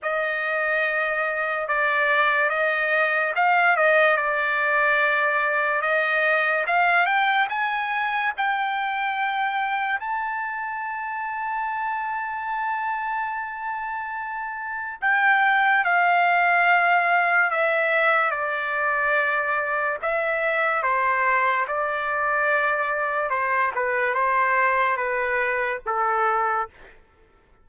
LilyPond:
\new Staff \with { instrumentName = "trumpet" } { \time 4/4 \tempo 4 = 72 dis''2 d''4 dis''4 | f''8 dis''8 d''2 dis''4 | f''8 g''8 gis''4 g''2 | a''1~ |
a''2 g''4 f''4~ | f''4 e''4 d''2 | e''4 c''4 d''2 | c''8 b'8 c''4 b'4 a'4 | }